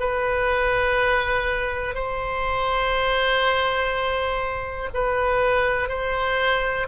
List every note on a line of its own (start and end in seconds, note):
0.00 1.94 B4
1.94 4.90 C5
4.94 5.88 B4
5.88 6.87 C5